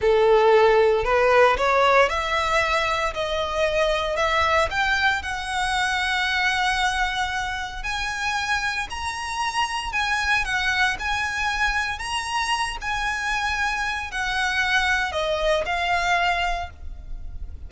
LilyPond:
\new Staff \with { instrumentName = "violin" } { \time 4/4 \tempo 4 = 115 a'2 b'4 cis''4 | e''2 dis''2 | e''4 g''4 fis''2~ | fis''2. gis''4~ |
gis''4 ais''2 gis''4 | fis''4 gis''2 ais''4~ | ais''8 gis''2~ gis''8 fis''4~ | fis''4 dis''4 f''2 | }